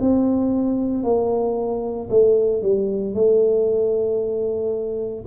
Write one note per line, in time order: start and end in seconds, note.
0.00 1.03 C4
1.03 2.08 A#3
2.10 2.62 A3
2.62 3.14 G3
3.14 5.24 A3